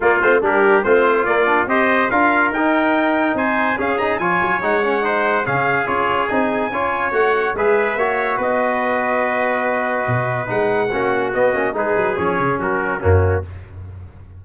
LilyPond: <<
  \new Staff \with { instrumentName = "trumpet" } { \time 4/4 \tempo 4 = 143 d''8 c''8 ais'4 c''4 d''4 | dis''4 f''4 g''2 | gis''4 f''8 ais''8 gis''4 fis''4~ | fis''4 f''4 cis''4 gis''4~ |
gis''4 fis''4 e''2 | dis''1~ | dis''4 fis''2 dis''4 | b'4 cis''4 ais'4 fis'4 | }
  \new Staff \with { instrumentName = "trumpet" } { \time 4/4 f'4 g'4 f'2 | c''4 ais'2. | c''4 gis'4 cis''2 | c''4 gis'2. |
cis''2 b'4 cis''4 | b'1~ | b'2 fis'2 | gis'2 fis'4 cis'4 | }
  \new Staff \with { instrumentName = "trombone" } { \time 4/4 ais8 c'8 d'4 c'4 ais8 d'8 | g'4 f'4 dis'2~ | dis'4 cis'8 dis'8 f'4 dis'8 cis'8 | dis'4 cis'4 f'4 dis'4 |
f'4 fis'4 gis'4 fis'4~ | fis'1~ | fis'4 dis'4 cis'4 b8 cis'8 | dis'4 cis'2 ais4 | }
  \new Staff \with { instrumentName = "tuba" } { \time 4/4 ais8 a8 g4 a4 ais4 | c'4 d'4 dis'2 | c'4 cis'4 f8 fis8 gis4~ | gis4 cis4 cis'4 c'4 |
cis'4 a4 gis4 ais4 | b1 | b,4 gis4 ais4 b8 ais8 | gis8 fis8 f8 cis8 fis4 fis,4 | }
>>